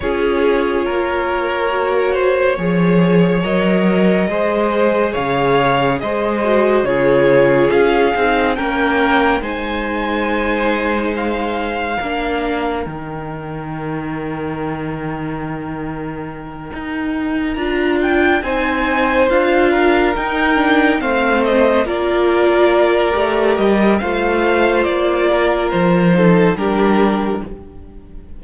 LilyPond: <<
  \new Staff \with { instrumentName = "violin" } { \time 4/4 \tempo 4 = 70 cis''1 | dis''2 f''4 dis''4 | cis''4 f''4 g''4 gis''4~ | gis''4 f''2 g''4~ |
g''1~ | g''8 ais''8 g''8 gis''4 f''4 g''8~ | g''8 f''8 dis''8 d''2 dis''8 | f''4 d''4 c''4 ais'4 | }
  \new Staff \with { instrumentName = "violin" } { \time 4/4 gis'4 ais'4. c''8 cis''4~ | cis''4 c''4 cis''4 c''4 | gis'2 ais'4 c''4~ | c''2 ais'2~ |
ais'1~ | ais'4. c''4. ais'4~ | ais'8 c''4 ais'2~ ais'8 | c''4. ais'4 a'8 g'4 | }
  \new Staff \with { instrumentName = "viola" } { \time 4/4 f'2 fis'4 gis'4 | ais'4 gis'2~ gis'8 fis'8 | f'4. dis'8 cis'4 dis'4~ | dis'2 d'4 dis'4~ |
dis'1~ | dis'8 f'4 dis'4 f'4 dis'8 | d'8 c'4 f'4. g'4 | f'2~ f'8 dis'8 d'4 | }
  \new Staff \with { instrumentName = "cello" } { \time 4/4 cis'4 ais2 f4 | fis4 gis4 cis4 gis4 | cis4 cis'8 c'8 ais4 gis4~ | gis2 ais4 dis4~ |
dis2.~ dis8 dis'8~ | dis'8 d'4 c'4 d'4 dis'8~ | dis'8 a4 ais4. a8 g8 | a4 ais4 f4 g4 | }
>>